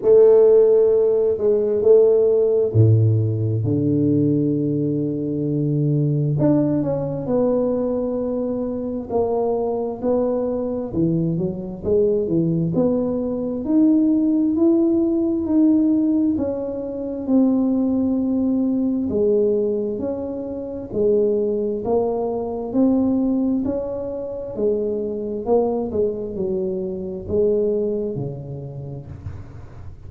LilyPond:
\new Staff \with { instrumentName = "tuba" } { \time 4/4 \tempo 4 = 66 a4. gis8 a4 a,4 | d2. d'8 cis'8 | b2 ais4 b4 | e8 fis8 gis8 e8 b4 dis'4 |
e'4 dis'4 cis'4 c'4~ | c'4 gis4 cis'4 gis4 | ais4 c'4 cis'4 gis4 | ais8 gis8 fis4 gis4 cis4 | }